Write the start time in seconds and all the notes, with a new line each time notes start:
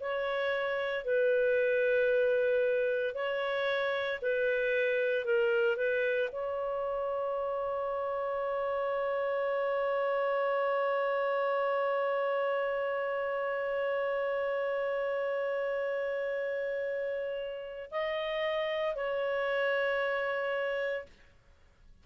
0.00 C#5
1.04 B4
3.14 C#5
4.22 B4
5.25 A#4
5.77 B4
6.32 C#5
17.91 D#5
18.95 C#5